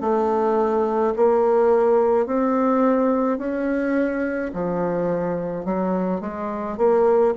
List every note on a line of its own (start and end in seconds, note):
0.00 1.13 A3
1.16 2.26 A#3
2.26 3.38 C4
3.38 4.51 C#4
4.53 5.64 F3
5.64 6.20 F#3
6.20 6.77 G#3
6.77 7.34 A#3